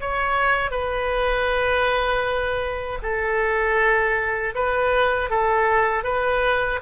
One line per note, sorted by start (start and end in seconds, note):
0.00 0.71 C#5
0.71 2.99 B4
3.02 4.54 A4
4.55 5.30 B4
5.30 6.03 A4
6.03 6.79 B4